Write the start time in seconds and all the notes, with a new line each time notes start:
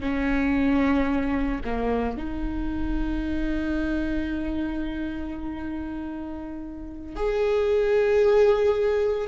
0.00 C#4
1.65 A#3
2.17 D#4
7.16 G#4